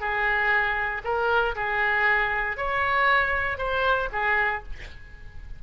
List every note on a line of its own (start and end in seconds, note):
0.00 1.02 G#4
1.04 1.55 A#4
1.55 2.57 G#4
2.57 3.58 C#5
3.58 4.09 C5
4.12 4.63 G#4